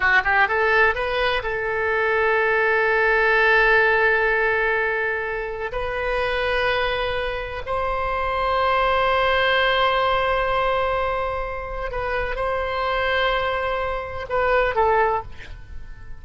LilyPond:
\new Staff \with { instrumentName = "oboe" } { \time 4/4 \tempo 4 = 126 fis'8 g'8 a'4 b'4 a'4~ | a'1~ | a'1 | b'1 |
c''1~ | c''1~ | c''4 b'4 c''2~ | c''2 b'4 a'4 | }